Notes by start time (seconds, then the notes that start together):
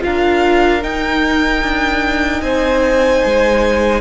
0.00 D4 F4 A#4 F5
0.82 D#4 G5
1.63 D4
2.41 C4 C5 G#5
3.25 G#3